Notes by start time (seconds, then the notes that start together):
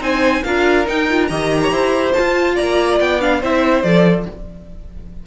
0.00 C4 D#4 C5 G#5
0.44 D4 F4 A#4 F5
0.86 D#4 G5
1.10 F4
1.27 D#3 G4 D#5 A#5
1.63 C#5
1.71 E4 C5
2.13 F4 A5
2.55 A#3 D5 A#5
3.00 B3 G5
3.21 D4 F5
3.40 C4 E4 C5 E5
3.83 F3 A4 D5